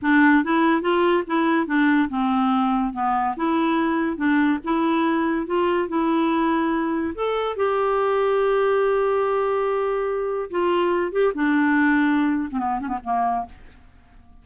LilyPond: \new Staff \with { instrumentName = "clarinet" } { \time 4/4 \tempo 4 = 143 d'4 e'4 f'4 e'4 | d'4 c'2 b4 | e'2 d'4 e'4~ | e'4 f'4 e'2~ |
e'4 a'4 g'2~ | g'1~ | g'4 f'4. g'8 d'4~ | d'4.~ d'16 c'16 b8 cis'16 b16 ais4 | }